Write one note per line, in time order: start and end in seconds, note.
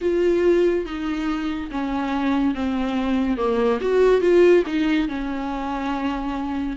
0.01 0.85 F4
0.85 1.69 D#4
1.71 2.54 C#4
2.54 3.37 C4
3.37 3.79 A#3
3.80 4.21 F#4
4.21 4.63 F4
4.66 5.08 D#4
5.08 6.76 C#4